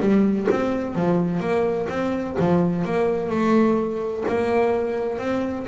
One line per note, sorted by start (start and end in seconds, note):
0.00 0.47 G3
0.50 0.95 C4
0.95 1.40 F3
1.40 1.87 A#3
1.89 2.36 C4
2.39 2.85 F3
2.85 3.29 A#3
3.29 4.24 A3
4.28 5.18 A#3
5.18 5.65 C4